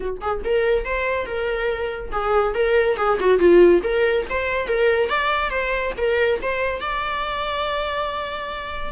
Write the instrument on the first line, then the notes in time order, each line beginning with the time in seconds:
viola
0.00 F#4
0.21 G#4
0.44 A#4
0.85 C5
1.26 A#4
2.11 G#4
2.54 A#4
2.97 G#4
3.20 F#4
3.38 F4
3.83 A#4
4.29 C5
4.67 A#4
5.09 D5
5.50 C5
5.97 A#4
6.41 C5
6.80 D5